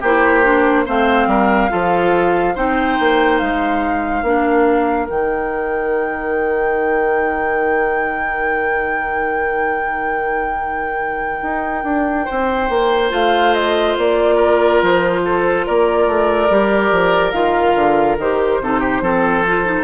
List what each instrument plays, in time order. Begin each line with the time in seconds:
0.00 bassoon A#3, clarinet E4, oboe G4, flute C5
0.43 clarinet D4
0.85 bassoon A3, clarinet C4, oboe C5, flute F5
1.27 bassoon G3, oboe A#4
1.69 bassoon F3, clarinet F4, oboe A4
2.55 bassoon C4, clarinet D#4, oboe C5, flute G5
2.99 bassoon A#3
3.38 bassoon G#3, flute F5
4.22 bassoon A#3, clarinet D4, oboe A#4
5.08 bassoon D#3, clarinet D#4, flute G5
11.42 bassoon D#4
11.83 bassoon D4
12.24 bassoon C4, oboe C5
12.69 bassoon A#3
13.09 bassoon A3, clarinet F4, flute F5
13.54 flute D#5
13.97 bassoon A#3, flute D5
14.35 oboe A#4
14.82 bassoon F3, flute C5
15.24 oboe A4
15.66 bassoon A#3, oboe A#4, flute D5
16.07 bassoon A3
16.50 bassoon G3, clarinet G4
16.91 bassoon F3
17.31 bassoon D#3, clarinet F4, flute F5
17.75 bassoon D3
18.18 bassoon D#3, clarinet G4, flute C5
18.60 bassoon C3, clarinet D#4, oboe A4
18.80 oboe G4
19.01 bassoon F3, clarinet C4, oboe A4
19.47 clarinet F4
19.65 clarinet D#4